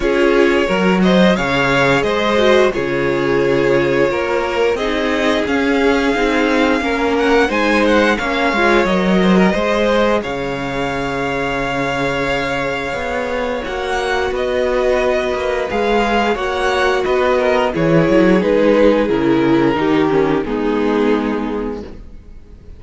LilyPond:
<<
  \new Staff \with { instrumentName = "violin" } { \time 4/4 \tempo 4 = 88 cis''4. dis''8 f''4 dis''4 | cis''2. dis''4 | f''2~ f''8 fis''8 gis''8 fis''8 | f''4 dis''2 f''4~ |
f''1 | fis''4 dis''2 f''4 | fis''4 dis''4 cis''4 b'4 | ais'2 gis'2 | }
  \new Staff \with { instrumentName = "violin" } { \time 4/4 gis'4 ais'8 c''8 cis''4 c''4 | gis'2 ais'4 gis'4~ | gis'2 ais'4 c''4 | cis''4. c''16 ais'16 c''4 cis''4~ |
cis''1~ | cis''4 b'2. | cis''4 b'8 ais'8 gis'2~ | gis'4 g'4 dis'2 | }
  \new Staff \with { instrumentName = "viola" } { \time 4/4 f'4 fis'4 gis'4. fis'8 | f'2. dis'4 | cis'4 dis'4 cis'4 dis'4 | cis'8 f'8 ais'4 gis'2~ |
gis'1 | fis'2. gis'4 | fis'2 e'4 dis'4 | e'4 dis'8 cis'8 b2 | }
  \new Staff \with { instrumentName = "cello" } { \time 4/4 cis'4 fis4 cis4 gis4 | cis2 ais4 c'4 | cis'4 c'4 ais4 gis4 | ais8 gis8 fis4 gis4 cis4~ |
cis2. b4 | ais4 b4. ais8 gis4 | ais4 b4 e8 fis8 gis4 | cis4 dis4 gis2 | }
>>